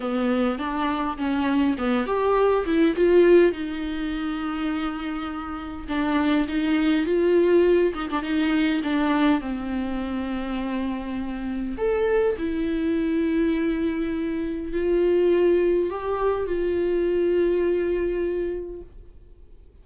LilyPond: \new Staff \with { instrumentName = "viola" } { \time 4/4 \tempo 4 = 102 b4 d'4 cis'4 b8 g'8~ | g'8 e'8 f'4 dis'2~ | dis'2 d'4 dis'4 | f'4. dis'16 d'16 dis'4 d'4 |
c'1 | a'4 e'2.~ | e'4 f'2 g'4 | f'1 | }